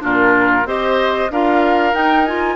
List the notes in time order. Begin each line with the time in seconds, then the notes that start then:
0.00 A#2 D4 F4 A#4
0.65 C4 G4 C5 D#5
1.30 D4 F4 A#4 F5
1.94 D#4 G5
2.26 F4 G#5